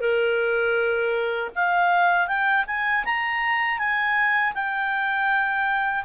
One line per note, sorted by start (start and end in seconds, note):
0.00 1.50 A#4
1.55 2.27 F5
2.27 2.65 G5
2.67 3.04 G#5
3.05 3.78 A#5
3.78 4.53 G#5
4.54 6.04 G5